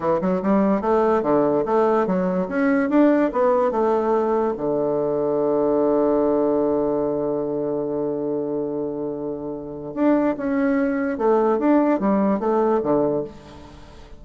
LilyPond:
\new Staff \with { instrumentName = "bassoon" } { \time 4/4 \tempo 4 = 145 e8 fis8 g4 a4 d4 | a4 fis4 cis'4 d'4 | b4 a2 d4~ | d1~ |
d1~ | d1 | d'4 cis'2 a4 | d'4 g4 a4 d4 | }